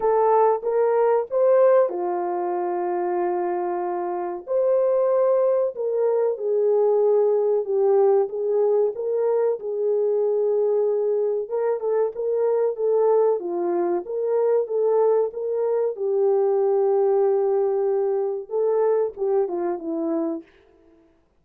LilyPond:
\new Staff \with { instrumentName = "horn" } { \time 4/4 \tempo 4 = 94 a'4 ais'4 c''4 f'4~ | f'2. c''4~ | c''4 ais'4 gis'2 | g'4 gis'4 ais'4 gis'4~ |
gis'2 ais'8 a'8 ais'4 | a'4 f'4 ais'4 a'4 | ais'4 g'2.~ | g'4 a'4 g'8 f'8 e'4 | }